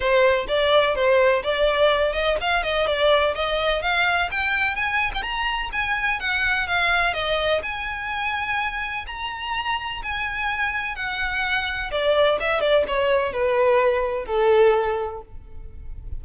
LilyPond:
\new Staff \with { instrumentName = "violin" } { \time 4/4 \tempo 4 = 126 c''4 d''4 c''4 d''4~ | d''8 dis''8 f''8 dis''8 d''4 dis''4 | f''4 g''4 gis''8. g''16 ais''4 | gis''4 fis''4 f''4 dis''4 |
gis''2. ais''4~ | ais''4 gis''2 fis''4~ | fis''4 d''4 e''8 d''8 cis''4 | b'2 a'2 | }